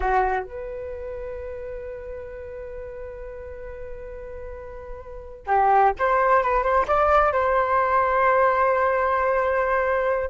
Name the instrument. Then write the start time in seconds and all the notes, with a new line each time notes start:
flute
0.00 F#4
0.43 B4
5.46 G4
5.99 C5
6.42 B4
6.63 C5
6.87 D5
7.32 C5